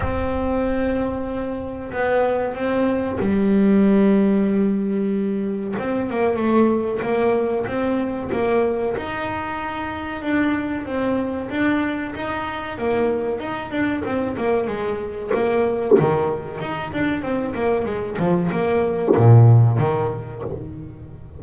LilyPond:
\new Staff \with { instrumentName = "double bass" } { \time 4/4 \tempo 4 = 94 c'2. b4 | c'4 g2.~ | g4 c'8 ais8 a4 ais4 | c'4 ais4 dis'2 |
d'4 c'4 d'4 dis'4 | ais4 dis'8 d'8 c'8 ais8 gis4 | ais4 dis4 dis'8 d'8 c'8 ais8 | gis8 f8 ais4 ais,4 dis4 | }